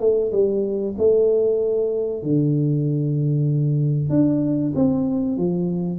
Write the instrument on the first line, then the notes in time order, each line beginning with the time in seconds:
tuba
0.00 A3
0.32 G3
0.98 A3
2.22 D3
4.09 D4
4.75 C4
5.37 F3